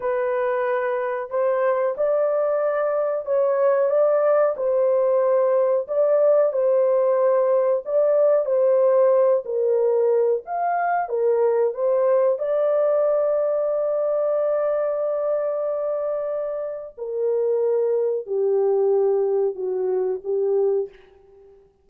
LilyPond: \new Staff \with { instrumentName = "horn" } { \time 4/4 \tempo 4 = 92 b'2 c''4 d''4~ | d''4 cis''4 d''4 c''4~ | c''4 d''4 c''2 | d''4 c''4. ais'4. |
f''4 ais'4 c''4 d''4~ | d''1~ | d''2 ais'2 | g'2 fis'4 g'4 | }